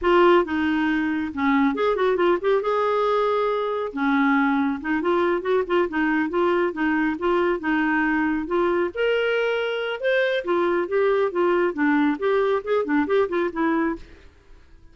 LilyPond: \new Staff \with { instrumentName = "clarinet" } { \time 4/4 \tempo 4 = 138 f'4 dis'2 cis'4 | gis'8 fis'8 f'8 g'8 gis'2~ | gis'4 cis'2 dis'8 f'8~ | f'8 fis'8 f'8 dis'4 f'4 dis'8~ |
dis'8 f'4 dis'2 f'8~ | f'8 ais'2~ ais'8 c''4 | f'4 g'4 f'4 d'4 | g'4 gis'8 d'8 g'8 f'8 e'4 | }